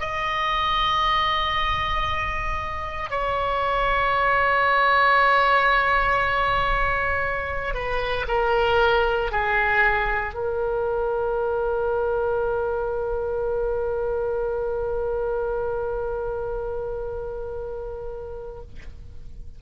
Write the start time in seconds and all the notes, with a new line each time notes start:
0.00 D#5
3.10 C#5
7.74 B4
8.28 A#4
9.32 G#4
10.34 A#4